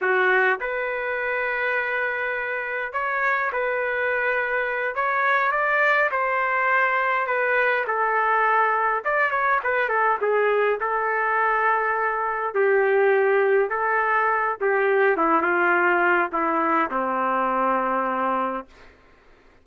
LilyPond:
\new Staff \with { instrumentName = "trumpet" } { \time 4/4 \tempo 4 = 103 fis'4 b'2.~ | b'4 cis''4 b'2~ | b'8 cis''4 d''4 c''4.~ | c''8 b'4 a'2 d''8 |
cis''8 b'8 a'8 gis'4 a'4.~ | a'4. g'2 a'8~ | a'4 g'4 e'8 f'4. | e'4 c'2. | }